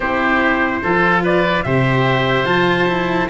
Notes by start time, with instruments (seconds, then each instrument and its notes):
0.00 tuba C4, cello E4, oboe G4, trumpet C5
0.83 tuba F3, cello F4, oboe A4
1.23 oboe B4, trumpet D5
1.63 tuba C3, cello G4, oboe C5, trumpet E5
2.44 tuba F3, cello F4, trumpet A5
2.87 cello E4